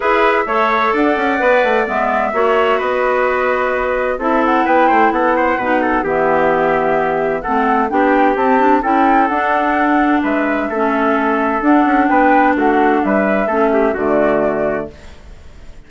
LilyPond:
<<
  \new Staff \with { instrumentName = "flute" } { \time 4/4 \tempo 4 = 129 e''2 fis''2 | e''2 dis''2~ | dis''4 e''8 fis''8 g''4 fis''4~ | fis''4 e''2. |
fis''4 g''4 a''4 g''4 | fis''2 e''2~ | e''4 fis''4 g''4 fis''4 | e''2 d''2 | }
  \new Staff \with { instrumentName = "trumpet" } { \time 4/4 b'4 cis''4 d''2~ | d''4 cis''4 b'2~ | b'4 a'4 b'8 c''8 a'8 c''8 | b'8 a'8 g'2. |
a'4 g'2 a'4~ | a'2 b'4 a'4~ | a'2 b'4 fis'4 | b'4 a'8 g'8 fis'2 | }
  \new Staff \with { instrumentName = "clarinet" } { \time 4/4 gis'4 a'2 b'4 | b4 fis'2.~ | fis'4 e'2. | dis'4 b2. |
c'4 d'4 c'8 d'8 e'4 | d'2. cis'4~ | cis'4 d'2.~ | d'4 cis'4 a2 | }
  \new Staff \with { instrumentName = "bassoon" } { \time 4/4 e'4 a4 d'8 cis'8 b8 a8 | gis4 ais4 b2~ | b4 c'4 b8 a8 b4 | b,4 e2. |
a4 b4 c'4 cis'4 | d'2 gis4 a4~ | a4 d'8 cis'8 b4 a4 | g4 a4 d2 | }
>>